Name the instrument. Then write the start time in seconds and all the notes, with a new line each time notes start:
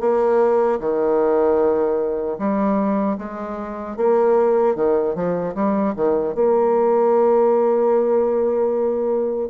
bassoon
0.00 A#3
0.80 D#3
2.38 G3
3.18 G#3
3.97 A#3
4.75 D#3
5.15 F3
5.54 G3
5.96 D#3
6.34 A#3